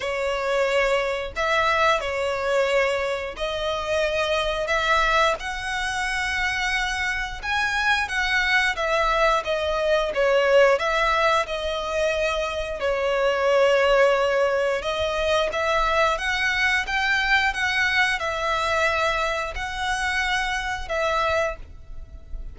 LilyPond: \new Staff \with { instrumentName = "violin" } { \time 4/4 \tempo 4 = 89 cis''2 e''4 cis''4~ | cis''4 dis''2 e''4 | fis''2. gis''4 | fis''4 e''4 dis''4 cis''4 |
e''4 dis''2 cis''4~ | cis''2 dis''4 e''4 | fis''4 g''4 fis''4 e''4~ | e''4 fis''2 e''4 | }